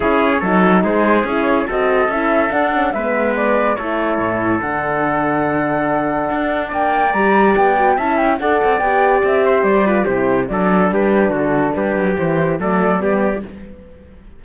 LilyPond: <<
  \new Staff \with { instrumentName = "flute" } { \time 4/4 \tempo 4 = 143 cis''2 c''4 cis''4 | dis''4 e''4 fis''4 e''4 | d''4 cis''2 fis''4~ | fis''1 |
g''4 ais''4 g''4 a''8 g''8 | fis''4 g''4 e''4 d''4 | c''4 d''4 b'4 a'4 | b'4 c''4 d''2 | }
  \new Staff \with { instrumentName = "trumpet" } { \time 4/4 gis'4 a'4 gis'2 | a'2. b'4~ | b'4 a'2.~ | a'1 |
d''2. e''4 | d''2~ d''8 c''4 b'8 | g'4 a'4 g'4 fis'4 | g'2 a'4 g'4 | }
  \new Staff \with { instrumentName = "horn" } { \time 4/4 e'4 dis'2 e'4 | fis'4 e'4 d'8 cis'8 b4~ | b4 e'2 d'4~ | d'1~ |
d'4 g'4. fis'8 e'4 | a'4 g'2~ g'8 f'8 | e'4 d'2.~ | d'4 e'4 a4 b4 | }
  \new Staff \with { instrumentName = "cello" } { \time 4/4 cis'4 fis4 gis4 cis'4 | c'4 cis'4 d'4 gis4~ | gis4 a4 a,4 d4~ | d2. d'4 |
ais4 g4 b4 cis'4 | d'8 c'8 b4 c'4 g4 | c4 fis4 g4 d4 | g8 fis8 e4 fis4 g4 | }
>>